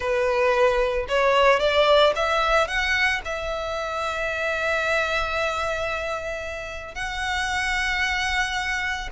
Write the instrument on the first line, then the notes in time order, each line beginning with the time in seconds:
violin
0.00 B4
1.08 C#5
1.59 D5
2.15 E5
2.67 F#5
3.24 E5
6.94 F#5